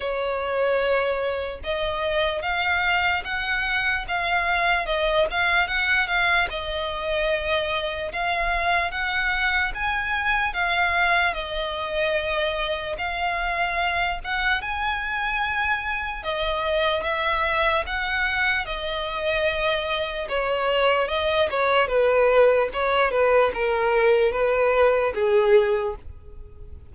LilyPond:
\new Staff \with { instrumentName = "violin" } { \time 4/4 \tempo 4 = 74 cis''2 dis''4 f''4 | fis''4 f''4 dis''8 f''8 fis''8 f''8 | dis''2 f''4 fis''4 | gis''4 f''4 dis''2 |
f''4. fis''8 gis''2 | dis''4 e''4 fis''4 dis''4~ | dis''4 cis''4 dis''8 cis''8 b'4 | cis''8 b'8 ais'4 b'4 gis'4 | }